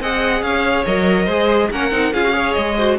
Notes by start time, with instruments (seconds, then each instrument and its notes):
0.00 cello C4, viola G#4, violin D#5 F#5
0.42 cello C#4, violin C#5 F5
0.86 cello F#3, viola A#4, violin D#5
1.25 cello G#3, viola G#4, violin C5
1.71 cello A#3, viola C#4, violin A#4 F#5
1.92 cello C4, viola D#4
2.13 cello C#4, viola F4, violin G#4 F5
2.25 viola F#4
2.32 viola G#4, violin C#5
2.53 cello G#3, violin D#5
2.77 viola F#4, violin C5